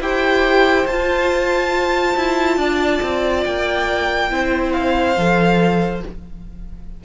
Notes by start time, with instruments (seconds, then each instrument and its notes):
0.00 cello E4, viola G4, violin C5 G5
0.87 cello F4, viola F4, violin A5
2.17 cello E4
2.58 cello D4, violin D5
3.03 cello C4
3.45 cello A#3, violin G5
4.30 cello C4, viola E4, violin C5
4.72 violin F5
5.17 cello F3, viola A4